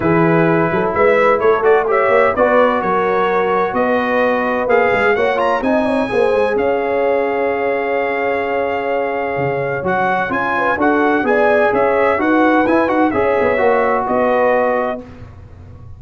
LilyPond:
<<
  \new Staff \with { instrumentName = "trumpet" } { \time 4/4 \tempo 4 = 128 b'2 e''4 cis''8 d''8 | e''4 d''4 cis''2 | dis''2 f''4 fis''8 ais''8 | gis''2 f''2~ |
f''1~ | f''4 fis''4 gis''4 fis''4 | gis''4 e''4 fis''4 gis''8 fis''8 | e''2 dis''2 | }
  \new Staff \with { instrumentName = "horn" } { \time 4/4 gis'4. a'8 b'4 a'4 | cis''4 b'4 ais'2 | b'2. cis''4 | dis''8 cis''8 c''4 cis''2~ |
cis''1~ | cis''2~ cis''8 b'8 a'4 | d''4 cis''4 b'2 | cis''2 b'2 | }
  \new Staff \with { instrumentName = "trombone" } { \time 4/4 e'2.~ e'8 fis'8 | g'4 fis'2.~ | fis'2 gis'4 fis'8 f'8 | dis'4 gis'2.~ |
gis'1~ | gis'4 fis'4 f'4 fis'4 | gis'2 fis'4 e'8 fis'8 | gis'4 fis'2. | }
  \new Staff \with { instrumentName = "tuba" } { \time 4/4 e4. fis8 gis4 a4~ | a8 ais8 b4 fis2 | b2 ais8 gis8 ais4 | c'4 ais8 gis8 cis'2~ |
cis'1 | cis4 fis4 cis'4 d'4 | b4 cis'4 dis'4 e'8 dis'8 | cis'8 b8 ais4 b2 | }
>>